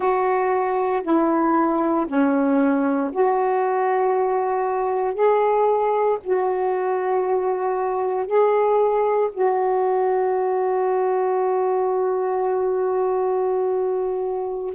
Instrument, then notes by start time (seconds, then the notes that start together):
saxophone
0.00 F#4
1.03 E4
2.07 C#4
3.12 F#4
5.14 G#4
6.23 F#4
8.26 G#4
9.31 F#4